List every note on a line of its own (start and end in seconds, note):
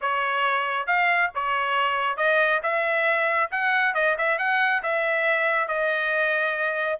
0.01 0.86 C#5
0.86 1.30 F5
1.35 2.16 C#5
2.16 2.60 D#5
2.62 3.50 E5
3.51 3.94 F#5
3.94 4.16 D#5
4.18 4.38 E5
4.38 4.82 F#5
4.82 5.68 E5
5.68 6.99 D#5